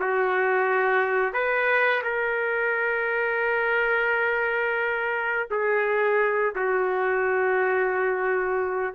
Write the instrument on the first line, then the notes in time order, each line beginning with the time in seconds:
trumpet
0.00 F#4
1.33 B4
2.03 A#4
5.51 G#4
6.55 F#4